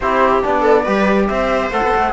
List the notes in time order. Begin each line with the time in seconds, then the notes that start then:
0.00 C4 E4 G4 C5
0.42 B3 D4 D5
0.60 A4
0.83 G3 G4 B4
1.27 C4 C5 E5
1.70 A3 A4 F#5
1.82 B3
1.95 A3